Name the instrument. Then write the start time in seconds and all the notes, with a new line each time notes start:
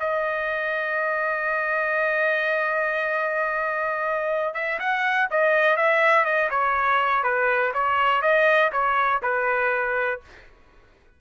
trumpet
0.00 D#5
4.54 E5
4.80 F#5
5.31 D#5
5.77 E5
6.25 D#5
6.51 C#5
7.23 B4
7.74 C#5
8.22 D#5
8.73 C#5
9.22 B4